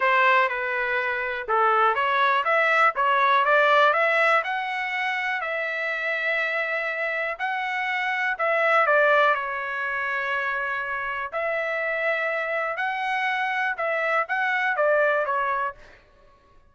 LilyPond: \new Staff \with { instrumentName = "trumpet" } { \time 4/4 \tempo 4 = 122 c''4 b'2 a'4 | cis''4 e''4 cis''4 d''4 | e''4 fis''2 e''4~ | e''2. fis''4~ |
fis''4 e''4 d''4 cis''4~ | cis''2. e''4~ | e''2 fis''2 | e''4 fis''4 d''4 cis''4 | }